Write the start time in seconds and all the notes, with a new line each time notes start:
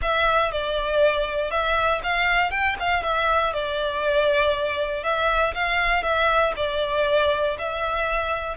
0.02 E5
0.51 D5
1.50 E5
2.03 F5
2.50 G5
2.79 F5
3.03 E5
3.53 D5
5.03 E5
5.54 F5
6.02 E5
6.56 D5
7.58 E5